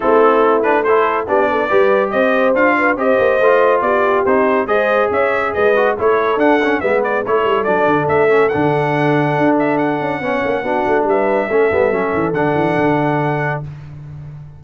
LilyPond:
<<
  \new Staff \with { instrumentName = "trumpet" } { \time 4/4 \tempo 4 = 141 a'4. b'8 c''4 d''4~ | d''4 dis''4 f''4 dis''4~ | dis''4 d''4 c''4 dis''4 | e''4 dis''4 cis''4 fis''4 |
e''8 d''8 cis''4 d''4 e''4 | fis''2~ fis''8 e''8 fis''4~ | fis''2 e''2~ | e''4 fis''2. | }
  \new Staff \with { instrumentName = "horn" } { \time 4/4 e'2 a'4 g'8 a'8 | b'4 c''4. b'8 c''4~ | c''4 g'2 c''4 | cis''4 b'4 a'2 |
b'4 a'2.~ | a'1 | cis''4 fis'4 b'4 a'4~ | a'1 | }
  \new Staff \with { instrumentName = "trombone" } { \time 4/4 c'4. d'8 e'4 d'4 | g'2 f'4 g'4 | f'2 dis'4 gis'4~ | gis'4. fis'8 e'4 d'8 cis'8 |
b4 e'4 d'4. cis'8 | d'1 | cis'4 d'2 cis'8 b8 | cis'4 d'2. | }
  \new Staff \with { instrumentName = "tuba" } { \time 4/4 a2. b4 | g4 c'4 d'4 c'8 ais8 | a4 b4 c'4 gis4 | cis'4 gis4 a4 d'4 |
gis4 a8 g8 fis8 d8 a4 | d2 d'4. cis'8 | b8 ais8 b8 a8 g4 a8 g8 | fis8 e8 d8 e8 d2 | }
>>